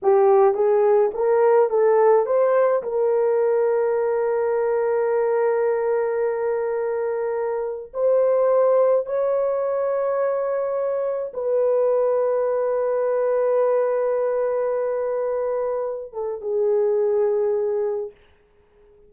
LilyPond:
\new Staff \with { instrumentName = "horn" } { \time 4/4 \tempo 4 = 106 g'4 gis'4 ais'4 a'4 | c''4 ais'2.~ | ais'1~ | ais'2 c''2 |
cis''1 | b'1~ | b'1~ | b'8 a'8 gis'2. | }